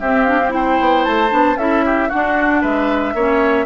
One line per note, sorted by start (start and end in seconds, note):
0.00 0.80 C4
0.00 0.28 C4
0.00 0.53 G4
0.00 0.24 E5
0.24 0.39 D4
0.24 0.51 F5
0.39 0.50 C4
0.50 1.29 E4
0.50 1.05 G5
0.56 1.59 C5
0.80 1.06 B3
1.05 1.32 A3
1.05 1.57 A5
1.30 1.56 B3
1.30 1.56 D4
1.56 2.09 C#4
1.56 2.11 E4
1.56 1.85 A4
1.56 2.10 E5
1.86 2.09 G4
2.09 3.16 D4
2.09 2.64 D4
2.09 2.62 F#4
2.09 2.62 F#5
2.62 3.14 G#3
2.62 3.14 B4
2.62 3.66 E5
3.14 3.66 A#3
3.14 3.66 C#4
3.14 3.66 C#5